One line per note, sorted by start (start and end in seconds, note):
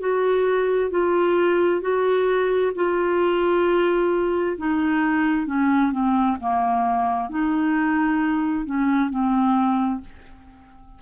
0.00 0.90 F#4
0.90 1.81 F4
1.81 2.72 F#4
2.76 4.57 F4
4.58 5.47 D#4
5.47 5.92 C#4
5.92 6.37 C4
6.40 7.30 A#3
7.30 8.66 D#4
8.66 9.10 C#4
9.10 10.01 C4